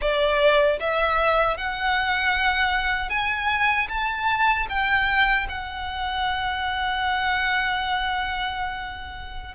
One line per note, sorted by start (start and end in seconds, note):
0.01 0.79 D5
0.79 1.57 E5
1.57 3.09 F#5
3.09 3.87 G#5
3.88 4.66 A5
4.69 5.47 G5
5.48 9.54 F#5